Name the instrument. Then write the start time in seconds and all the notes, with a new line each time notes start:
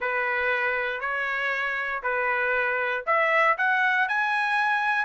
trumpet
0.00 B4
1.00 C#5
2.02 B4
3.06 E5
3.57 F#5
4.08 G#5